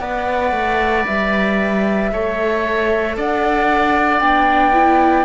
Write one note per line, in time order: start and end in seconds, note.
0.00 0.52 B3
0.00 2.12 B4
0.00 2.11 D5
0.00 1.05 F#5
0.52 1.05 A3
1.06 2.12 G3
1.06 3.17 E5
2.12 3.17 A3
2.12 4.21 A4
2.12 3.17 C#5
3.17 4.21 D4
3.17 5.25 D5
3.17 4.20 F#5
4.20 5.25 B3
4.20 4.73 D4
4.20 5.25 G5
4.73 5.25 E4